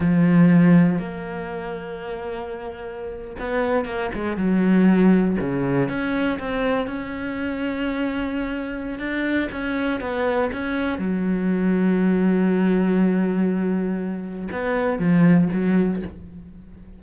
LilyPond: \new Staff \with { instrumentName = "cello" } { \time 4/4 \tempo 4 = 120 f2 ais2~ | ais2~ ais8. b4 ais16~ | ais16 gis8 fis2 cis4 cis'16~ | cis'8. c'4 cis'2~ cis'16~ |
cis'2 d'4 cis'4 | b4 cis'4 fis2~ | fis1~ | fis4 b4 f4 fis4 | }